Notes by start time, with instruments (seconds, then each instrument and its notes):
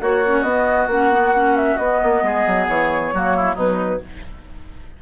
0.00 bassoon A#3, oboe F#4, clarinet F#4, flute C#5
0.25 clarinet C#4
0.42 bassoon B3, clarinet B3, flute D#5
0.87 bassoon A#3, clarinet C#4, flute F#5
1.11 clarinet B3
1.35 clarinet C#4
1.56 flute E5
1.76 bassoon B3, clarinet B3, flute D#5
2.02 bassoon A#3
2.22 bassoon G#3, oboe G#4
2.46 bassoon F#3
2.67 bassoon E3, flute C#5
3.13 bassoon F#3, clarinet A#3, oboe F#4
3.36 oboe E4
3.54 bassoon B2, clarinet F#3, oboe D#4, flute B4